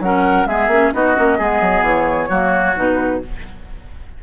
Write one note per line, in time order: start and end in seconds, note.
0.00 0.45 F#3
0.00 0.48 C#4
0.00 0.48 A#4
0.00 0.46 F#5
0.45 0.68 G#3
0.45 0.71 B3
0.45 0.94 G#4
0.45 0.92 E5
0.68 0.90 A#3
0.68 0.93 C#4
0.93 1.17 B3
0.93 1.15 D#4
0.93 1.38 F#4
0.93 1.85 D#5
1.15 1.39 A#3
1.15 1.38 C#4
1.38 1.61 G#3
1.38 2.29 B3
1.38 2.29 G#4
1.61 1.82 F#3
1.82 2.27 E3
1.82 2.77 C#5
2.29 2.75 F#3
2.29 2.75 A#3
2.29 3.21 F#4
2.75 3.23 B2
2.75 3.21 D#4
2.75 3.22 B4